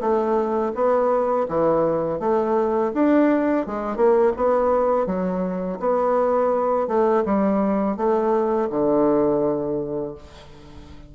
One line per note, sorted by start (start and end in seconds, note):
0.00 0.72 A3
0.74 1.47 B3
1.48 2.19 E3
2.19 2.92 A3
2.94 3.66 D4
3.66 3.96 G#3
3.96 4.32 A#3
4.36 5.06 B3
5.06 5.78 F#3
5.79 6.87 B3
6.87 7.23 A3
7.25 7.96 G3
7.96 8.69 A3
8.70 10.14 D3